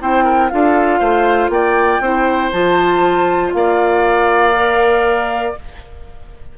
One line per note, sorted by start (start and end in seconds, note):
0.00 0.52 C4
0.00 0.50 E4
0.00 0.24 C5
0.00 0.49 G5
0.24 0.50 A#4
0.49 1.01 D4
0.49 2.02 F4
0.49 1.00 A4
0.49 1.50 F5
1.00 1.49 A3
1.00 1.50 C5
1.49 1.99 A#3
1.49 2.02 D5
1.49 2.51 G5
2.00 2.51 C4
2.00 2.52 E4
2.00 3.54 C5
2.52 3.53 F3
2.52 4.53 F4
2.52 3.53 A5
3.53 5.55 A#3
3.53 5.58 D5
3.53 5.55 F5
4.53 5.54 A#4